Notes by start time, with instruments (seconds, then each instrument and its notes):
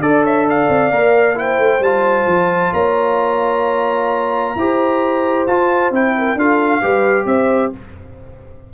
0.00 tuba D4, trombone A4, horn D5, trumpet D5
0.24 horn C#5, trumpet E5
0.48 horn D5, trumpet F5
0.69 tuba C4
0.91 tuba A#3, trombone A#4
1.35 trombone E4, horn C5, trumpet G5
1.58 tuba A3
1.80 tuba G3, trombone F4, trumpet A5
2.27 tuba F3
2.73 tuba A#3, horn C#5, trumpet A#5
4.55 tuba E4, trombone G4, horn C5
5.47 tuba F4, trombone F4, trumpet A5
5.91 tuba C4, trombone E4, trumpet G5
6.18 horn A#4
6.35 tuba D4, trombone F4, horn A4, trumpet F5
6.81 tuba G3, trombone G4, horn B4
7.25 tuba C4, horn C5, trumpet E5